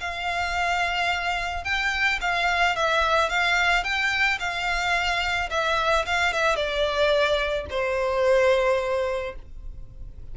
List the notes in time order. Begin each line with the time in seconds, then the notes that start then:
0.00 F5
1.64 G5
2.21 F5
2.76 E5
3.30 F5
3.84 G5
4.39 F5
5.50 E5
6.06 F5
6.33 E5
6.56 D5
7.70 C5